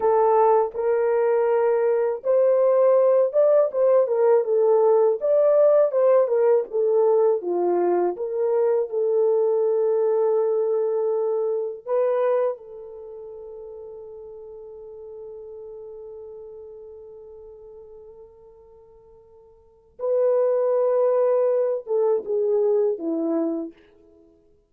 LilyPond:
\new Staff \with { instrumentName = "horn" } { \time 4/4 \tempo 4 = 81 a'4 ais'2 c''4~ | c''8 d''8 c''8 ais'8 a'4 d''4 | c''8 ais'8 a'4 f'4 ais'4 | a'1 |
b'4 a'2.~ | a'1~ | a'2. b'4~ | b'4. a'8 gis'4 e'4 | }